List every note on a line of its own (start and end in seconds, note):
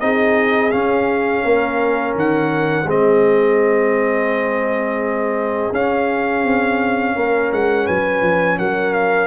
0.00 0.73 C4
0.00 0.71 D#4
0.00 1.44 G#4
0.00 0.71 D#5
0.71 2.86 C#4
0.71 1.44 C#4
0.71 2.14 F5
1.44 2.15 A#3
1.44 2.87 A#4
2.15 2.85 D#3
2.15 2.90 F#5
2.85 5.70 G#3
2.85 5.74 C4
2.85 7.16 G#4
2.85 5.74 D#5
5.72 6.44 C#4
5.72 9.27 C#4
5.72 7.53 F5
6.44 7.15 C4
7.16 7.51 A#3
7.16 7.85 A#4
7.52 7.88 G#3
7.52 7.87 F#5
7.85 8.22 F#3
7.85 8.57 B4
7.85 8.58 G#5
8.22 8.58 F3
8.58 9.27 F#3
8.58 9.27 A#4
8.58 8.93 F#5
8.93 9.27 F5